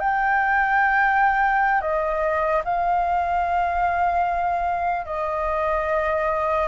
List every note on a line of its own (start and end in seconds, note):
0.00 1.82 G5
1.82 2.63 D#5
2.65 5.06 F5
5.06 6.68 D#5